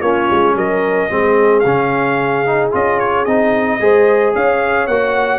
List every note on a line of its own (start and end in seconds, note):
0.00 0.28 A#3
0.00 1.10 C#4
0.00 0.54 F4
0.00 0.55 C#5
0.31 0.55 G#3
0.55 1.09 F#3
0.55 1.10 A#4
0.55 1.60 D#5
1.10 1.64 G#3
1.10 1.64 C4
1.10 3.81 G#4
1.60 2.73 C#3
1.60 2.46 C#4
1.60 2.68 F5
2.46 2.71 D#4
2.71 3.26 C#4
2.71 3.25 F4
2.71 2.99 D#5
2.99 3.25 C#5
3.25 3.80 C4
3.25 3.80 D#4
3.25 4.33 D#5
3.80 4.34 G#3
3.80 4.88 G#4
3.80 4.35 C5
4.35 4.87 C#4
4.35 5.39 C#5
4.35 4.87 F5
4.87 5.39 A#3
4.87 5.39 F#4
4.87 5.39 F#5